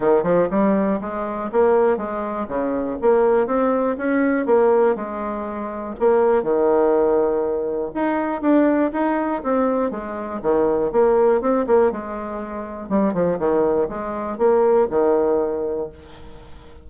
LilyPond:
\new Staff \with { instrumentName = "bassoon" } { \time 4/4 \tempo 4 = 121 dis8 f8 g4 gis4 ais4 | gis4 cis4 ais4 c'4 | cis'4 ais4 gis2 | ais4 dis2. |
dis'4 d'4 dis'4 c'4 | gis4 dis4 ais4 c'8 ais8 | gis2 g8 f8 dis4 | gis4 ais4 dis2 | }